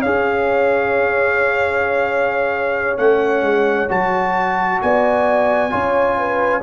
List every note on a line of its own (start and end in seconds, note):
0.00 2.98 C#4
0.00 2.98 G#4
0.00 4.77 C#5
0.00 2.98 F5
2.98 3.43 A3
2.98 3.89 C#4
2.98 3.89 F#5
3.43 3.88 G#3
3.89 4.82 F#3
3.89 5.70 F#4
3.89 4.82 A5
4.82 5.73 B3
4.82 5.72 D5
4.82 6.63 G#5
5.70 6.63 C#4
5.70 6.61 F4
5.70 6.18 C#5
6.18 6.63 B4